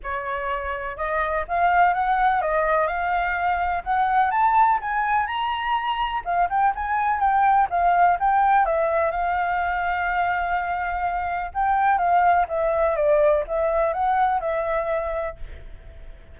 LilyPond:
\new Staff \with { instrumentName = "flute" } { \time 4/4 \tempo 4 = 125 cis''2 dis''4 f''4 | fis''4 dis''4 f''2 | fis''4 a''4 gis''4 ais''4~ | ais''4 f''8 g''8 gis''4 g''4 |
f''4 g''4 e''4 f''4~ | f''1 | g''4 f''4 e''4 d''4 | e''4 fis''4 e''2 | }